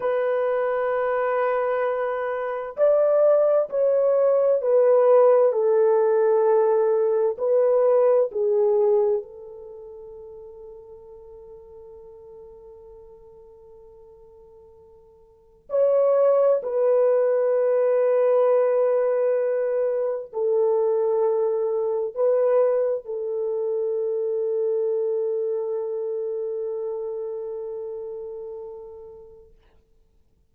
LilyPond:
\new Staff \with { instrumentName = "horn" } { \time 4/4 \tempo 4 = 65 b'2. d''4 | cis''4 b'4 a'2 | b'4 gis'4 a'2~ | a'1~ |
a'4 cis''4 b'2~ | b'2 a'2 | b'4 a'2.~ | a'1 | }